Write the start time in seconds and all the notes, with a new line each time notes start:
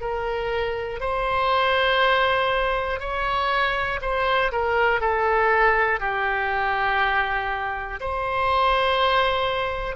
0.00 A#4
1.00 C5
3.00 C#5
4.01 C5
4.51 A#4
5.00 A4
5.99 G4
8.00 C5